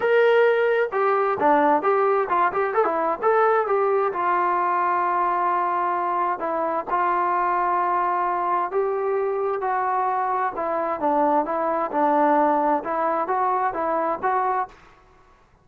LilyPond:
\new Staff \with { instrumentName = "trombone" } { \time 4/4 \tempo 4 = 131 ais'2 g'4 d'4 | g'4 f'8 g'8 a'16 e'8. a'4 | g'4 f'2.~ | f'2 e'4 f'4~ |
f'2. g'4~ | g'4 fis'2 e'4 | d'4 e'4 d'2 | e'4 fis'4 e'4 fis'4 | }